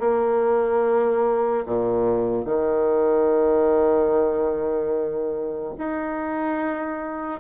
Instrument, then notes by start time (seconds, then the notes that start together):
bassoon
0.00 A#3
1.66 A#2
2.45 D#3
5.78 D#4